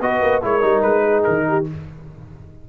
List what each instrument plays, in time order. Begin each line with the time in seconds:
0.00 tuba B3, trombone F#4, horn B4, trumpet D#5
0.21 tuba A#3
0.42 tuba G#3, trombone E4, horn A#4, trumpet C#5
0.61 tuba G3, trombone D#4
0.82 tuba G#3, trumpet B4
1.03 horn G#4
1.24 tuba D#3, trumpet A#4
1.48 horn G4